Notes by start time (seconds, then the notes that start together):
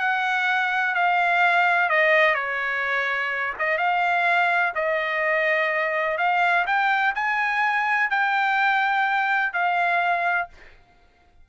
0.00 F#5
0.95 F5
1.90 D#5
2.35 C#5
3.60 D#5
3.78 F5
4.75 D#5
6.18 F5
6.67 G5
7.16 G#5
8.11 G5
9.53 F5